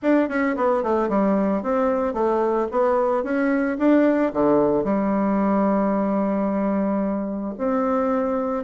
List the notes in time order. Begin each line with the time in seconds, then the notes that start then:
0.02 D4
0.28 C#4
0.56 B3
0.83 A3
1.08 G3
1.62 C4
2.13 A3
2.71 B3
3.23 C#4
3.78 D4
4.33 D3
4.84 G3
7.58 C4